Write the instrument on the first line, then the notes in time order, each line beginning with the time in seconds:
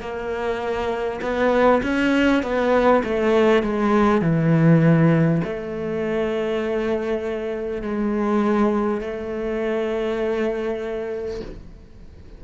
cello
0.00 A#3
1.22 B3
1.82 C#4
2.43 B3
3.04 A3
3.63 G#3
4.21 E3
5.44 A3
7.82 G#3
9.01 A3